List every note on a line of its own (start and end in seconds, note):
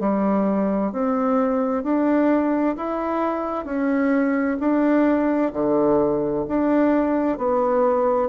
0.00 0.92 G3
0.93 1.84 C4
1.84 2.76 D4
2.77 3.65 E4
3.65 4.57 C#4
4.60 5.53 D4
5.53 6.46 D3
6.48 7.38 D4
7.38 8.30 B3